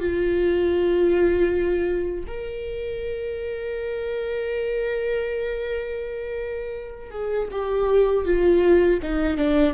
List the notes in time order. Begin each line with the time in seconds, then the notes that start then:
0.00 F4
2.27 A#4
7.11 G#4
7.51 G4
8.26 F4
9.03 D#4
9.38 D4